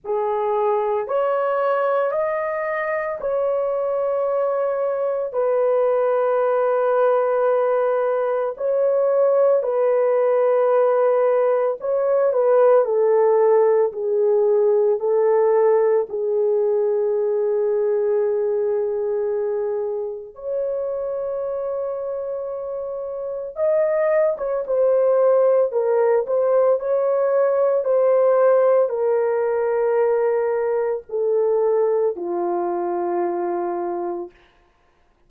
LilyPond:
\new Staff \with { instrumentName = "horn" } { \time 4/4 \tempo 4 = 56 gis'4 cis''4 dis''4 cis''4~ | cis''4 b'2. | cis''4 b'2 cis''8 b'8 | a'4 gis'4 a'4 gis'4~ |
gis'2. cis''4~ | cis''2 dis''8. cis''16 c''4 | ais'8 c''8 cis''4 c''4 ais'4~ | ais'4 a'4 f'2 | }